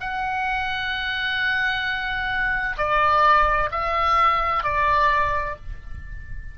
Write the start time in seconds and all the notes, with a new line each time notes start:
0.00 F#5
2.77 D5
3.71 E5
4.63 D5